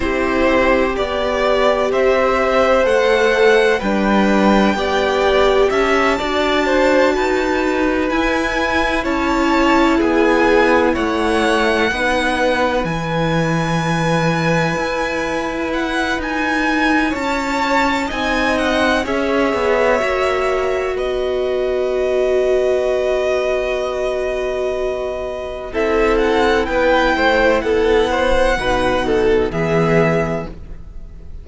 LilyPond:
<<
  \new Staff \with { instrumentName = "violin" } { \time 4/4 \tempo 4 = 63 c''4 d''4 e''4 fis''4 | g''2 a''2~ | a''8 gis''4 a''4 gis''4 fis''8~ | fis''4. gis''2~ gis''8~ |
gis''8 fis''8 gis''4 a''4 gis''8 fis''8 | e''2 dis''2~ | dis''2. e''8 fis''8 | g''4 fis''2 e''4 | }
  \new Staff \with { instrumentName = "violin" } { \time 4/4 g'2 c''2 | b'4 d''4 e''8 d''8 c''8 b'8~ | b'4. cis''4 gis'4 cis''8~ | cis''8 b'2.~ b'8~ |
b'2 cis''4 dis''4 | cis''2 b'2~ | b'2. a'4 | b'8 c''8 a'8 c''8 b'8 a'8 gis'4 | }
  \new Staff \with { instrumentName = "viola" } { \time 4/4 e'4 g'2 a'4 | d'4 g'4. fis'4.~ | fis'8 e'2.~ e'8~ | e'8 dis'4 e'2~ e'8~ |
e'2. dis'4 | gis'4 fis'2.~ | fis'2. e'4~ | e'2 dis'4 b4 | }
  \new Staff \with { instrumentName = "cello" } { \time 4/4 c'4 b4 c'4 a4 | g4 b4 cis'8 d'4 dis'8~ | dis'8 e'4 cis'4 b4 a8~ | a8 b4 e2 e'8~ |
e'4 dis'4 cis'4 c'4 | cis'8 b8 ais4 b2~ | b2. c'4 | b8 a8 b4 b,4 e4 | }
>>